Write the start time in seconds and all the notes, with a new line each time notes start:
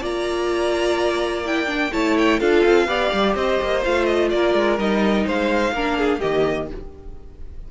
0.00 A#3 F4 D5 A#5
1.45 E4 G5
1.66 D4
1.92 A3 E4 C#5 A5
2.18 G5
2.39 D4 F4 A4 F5
2.65 C4
2.87 B3 G4 D5
3.13 G3
3.35 C4 C5 D#5
3.61 A#3
3.84 A3 F4 F5
4.05 D#5
4.30 A#3 A#4 D5
4.54 G#3
4.78 G3 D#4 D#5
5.26 G#3 C5 F5
5.72 A#3 D4 A#4
5.98 G#4
6.19 D#3 A#3 G4 D#5